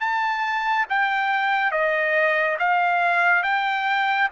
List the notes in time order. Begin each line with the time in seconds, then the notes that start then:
0.00 A5
0.89 G5
1.71 D#5
2.59 F5
3.43 G5